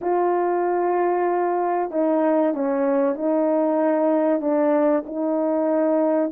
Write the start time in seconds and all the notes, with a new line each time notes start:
0.01 F4
1.90 D#4
2.54 C#4
3.15 D#4
4.40 D4
5.06 D#4